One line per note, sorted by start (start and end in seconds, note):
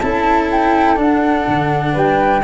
0.00 0.98 C#4
0.00 0.97 E4
0.00 1.94 A4
0.00 0.48 A5
0.51 1.00 G5
0.97 2.42 D4
0.97 1.46 D4
0.97 1.98 F#5
1.48 1.96 D3
1.94 2.44 G3
1.94 2.42 B4
1.94 2.44 G5